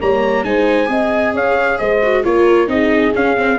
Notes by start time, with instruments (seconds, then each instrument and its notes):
0.00 tuba G3, viola A#3, horn C#5, trumpet A#5
0.44 tuba G#3, viola D#4, horn C5, trumpet G#5
0.86 tuba C4, viola G#4, horn D#5
1.34 tuba C#4, horn C#5, trumpet F5
1.78 tuba G#3, horn C5, trumpet D#5
2.02 viola F#4
2.24 tuba A#3, viola F4, horn A#4, trumpet C#5
2.67 tuba C4, viola D#4, horn G#4, trumpet D#5
3.15 tuba C#4, viola C#4, trumpet F5
3.37 viola C4